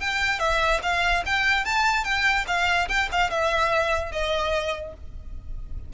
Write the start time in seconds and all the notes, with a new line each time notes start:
0.00 G5
0.39 E5
0.83 F5
1.26 G5
1.65 A5
2.04 G5
2.47 F5
2.88 G5
3.12 F5
3.30 E5
4.12 D#5